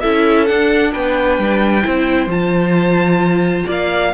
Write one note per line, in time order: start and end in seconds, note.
0.00 0.49 C#4
0.00 0.47 E4
0.00 0.92 A4
0.00 0.46 E5
0.46 1.81 D4
0.46 0.95 D4
0.46 0.92 F#5
0.92 1.38 B3
0.92 1.83 B4
0.92 2.30 G5
1.38 1.84 G3
1.81 2.26 C4
1.81 2.27 E4
1.81 3.65 C5
2.26 3.63 F3
2.26 4.12 F4
2.26 3.68 A5
3.65 4.13 A#3
3.65 4.11 D5
3.65 4.13 F5